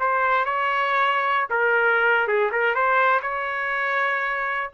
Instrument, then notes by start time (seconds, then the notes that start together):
trumpet
0.00 C5
0.46 C#5
1.50 A#4
2.28 G#4
2.52 A#4
2.75 C5
3.22 C#5